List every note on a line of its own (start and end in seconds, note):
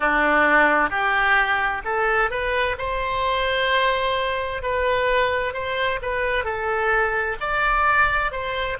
0.00 0.89 D4
0.89 1.82 G4
1.84 2.30 A4
2.30 2.76 B4
2.77 4.62 C5
4.62 5.53 B4
5.53 5.99 C5
6.02 6.44 B4
6.44 7.36 A4
7.40 8.31 D5
8.31 8.77 C5